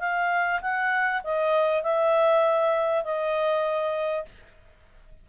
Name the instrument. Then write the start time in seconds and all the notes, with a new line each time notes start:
clarinet
0.00 F5
0.62 F#5
1.24 D#5
1.83 E5
3.04 D#5